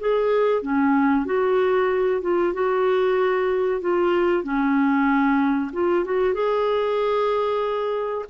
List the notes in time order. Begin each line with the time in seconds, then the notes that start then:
0.00 G#4
0.62 C#4
1.26 F#4
2.22 F4
2.53 F#4
3.81 F4
4.44 C#4
5.73 F4
6.05 F#4
6.34 G#4